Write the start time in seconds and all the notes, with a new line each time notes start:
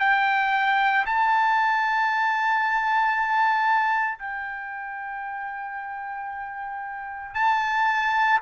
0.00 G5
1.06 A5
4.19 G5
7.35 A5